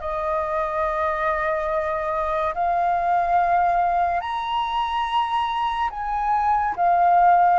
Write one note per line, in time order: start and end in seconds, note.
0.00 2.54 D#5
2.54 4.20 F5
4.20 5.89 A#5
5.90 6.75 G#5
6.76 7.59 F5